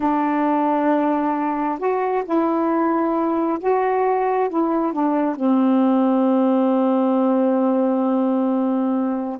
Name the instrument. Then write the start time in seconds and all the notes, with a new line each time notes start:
saxophone
0.00 D4
1.78 F#4
2.24 E4
3.59 F#4
4.49 E4
4.93 D4
5.35 C4